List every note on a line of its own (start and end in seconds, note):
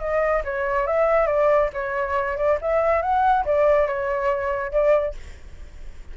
0.00 0.43 D#5
0.45 0.87 C#5
0.87 1.27 E5
1.27 1.70 D5
1.74 2.37 C#5
2.37 2.59 D5
2.62 3.02 E5
3.02 3.45 F#5
3.46 3.88 D5
3.88 4.72 C#5
4.72 5.15 D5